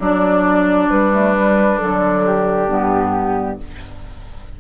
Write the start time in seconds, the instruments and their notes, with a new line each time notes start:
0.00 bassoon F#3, oboe D4, clarinet D4, flute D5
0.91 bassoon G3, flute B4
1.13 clarinet A3
1.36 clarinet G3
1.79 bassoon D3, clarinet F#3, flute A4
2.26 flute G4
2.68 bassoon G2, clarinet B3